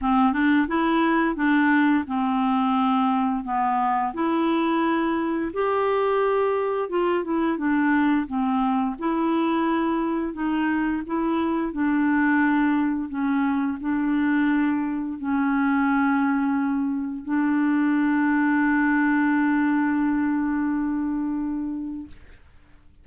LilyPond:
\new Staff \with { instrumentName = "clarinet" } { \time 4/4 \tempo 4 = 87 c'8 d'8 e'4 d'4 c'4~ | c'4 b4 e'2 | g'2 f'8 e'8 d'4 | c'4 e'2 dis'4 |
e'4 d'2 cis'4 | d'2 cis'2~ | cis'4 d'2.~ | d'1 | }